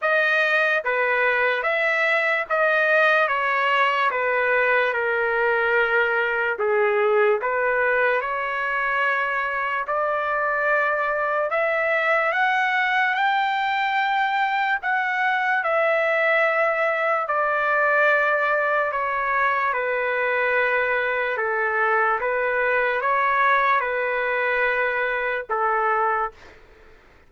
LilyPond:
\new Staff \with { instrumentName = "trumpet" } { \time 4/4 \tempo 4 = 73 dis''4 b'4 e''4 dis''4 | cis''4 b'4 ais'2 | gis'4 b'4 cis''2 | d''2 e''4 fis''4 |
g''2 fis''4 e''4~ | e''4 d''2 cis''4 | b'2 a'4 b'4 | cis''4 b'2 a'4 | }